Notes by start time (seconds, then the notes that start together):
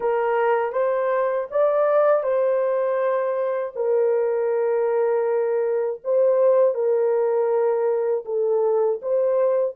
0.00 A#4
0.72 C5
1.50 D5
2.23 C5
3.75 A#4
6.03 C5
6.74 A#4
8.25 A4
9.01 C5